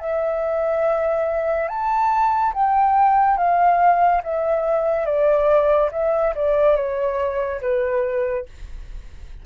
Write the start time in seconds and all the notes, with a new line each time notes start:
0.00 E5
1.69 A5
2.54 G5
3.38 F5
4.24 E5
5.06 D5
5.92 E5
6.36 D5
6.76 C#5
7.62 B4